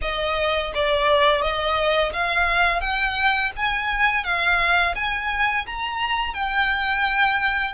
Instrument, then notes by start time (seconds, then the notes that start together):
violin
0.01 D#5
0.74 D5
1.41 D#5
2.12 F5
2.80 G5
3.56 G#5
4.24 F5
4.95 G#5
5.66 A#5
6.34 G5